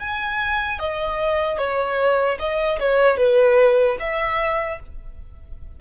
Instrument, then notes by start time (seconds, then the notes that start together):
violin
0.00 G#5
0.80 D#5
1.59 C#5
2.40 D#5
2.80 C#5
3.17 B4
4.00 E5